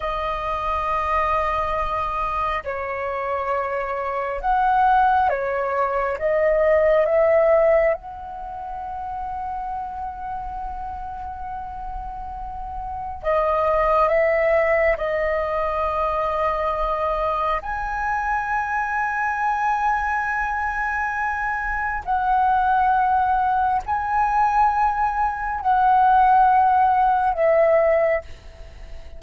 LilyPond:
\new Staff \with { instrumentName = "flute" } { \time 4/4 \tempo 4 = 68 dis''2. cis''4~ | cis''4 fis''4 cis''4 dis''4 | e''4 fis''2.~ | fis''2. dis''4 |
e''4 dis''2. | gis''1~ | gis''4 fis''2 gis''4~ | gis''4 fis''2 e''4 | }